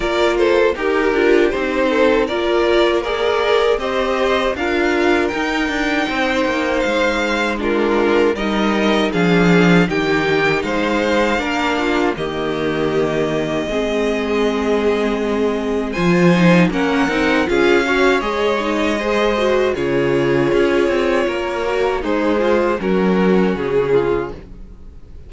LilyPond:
<<
  \new Staff \with { instrumentName = "violin" } { \time 4/4 \tempo 4 = 79 d''8 c''8 ais'4 c''4 d''4 | ais'4 dis''4 f''4 g''4~ | g''4 f''4 ais'4 dis''4 | f''4 g''4 f''2 |
dis''1~ | dis''4 gis''4 fis''4 f''4 | dis''2 cis''2~ | cis''4 c''4 ais'4 gis'4 | }
  \new Staff \with { instrumentName = "violin" } { \time 4/4 ais'8 a'8 g'4. a'8 ais'4 | d''4 c''4 ais'2 | c''2 f'4 ais'4 | gis'4 g'4 c''4 ais'8 f'8 |
g'2 gis'2~ | gis'4 c''4 ais'4 gis'8 cis''8~ | cis''4 c''4 gis'2 | ais'4 dis'8 f'8 fis'4. f'8 | }
  \new Staff \with { instrumentName = "viola" } { \time 4/4 f'4 g'8 f'8 dis'4 f'4 | gis'4 g'4 f'4 dis'4~ | dis'2 d'4 dis'4 | d'4 dis'2 d'4 |
ais2 c'2~ | c'4 f'8 dis'8 cis'8 dis'8 f'8 fis'8 | gis'8 dis'8 gis'8 fis'8 f'2~ | f'8 fis'8 gis'4 cis'2 | }
  \new Staff \with { instrumentName = "cello" } { \time 4/4 ais4 dis'8 d'8 c'4 ais4~ | ais4 c'4 d'4 dis'8 d'8 | c'8 ais8 gis2 g4 | f4 dis4 gis4 ais4 |
dis2 gis2~ | gis4 f4 ais8 c'8 cis'4 | gis2 cis4 cis'8 c'8 | ais4 gis4 fis4 cis4 | }
>>